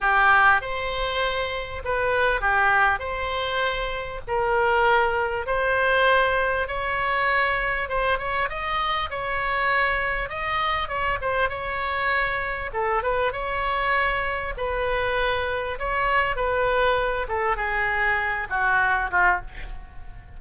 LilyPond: \new Staff \with { instrumentName = "oboe" } { \time 4/4 \tempo 4 = 99 g'4 c''2 b'4 | g'4 c''2 ais'4~ | ais'4 c''2 cis''4~ | cis''4 c''8 cis''8 dis''4 cis''4~ |
cis''4 dis''4 cis''8 c''8 cis''4~ | cis''4 a'8 b'8 cis''2 | b'2 cis''4 b'4~ | b'8 a'8 gis'4. fis'4 f'8 | }